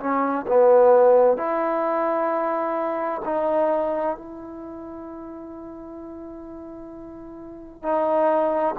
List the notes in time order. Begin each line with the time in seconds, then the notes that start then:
0.00 C#4
0.48 B3
1.37 E4
3.25 D#4
4.17 E4
7.83 D#4